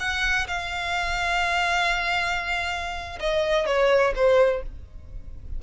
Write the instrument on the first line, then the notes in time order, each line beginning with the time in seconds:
violin
0.00 F#5
0.48 F5
3.20 D#5
3.67 C#5
4.16 C5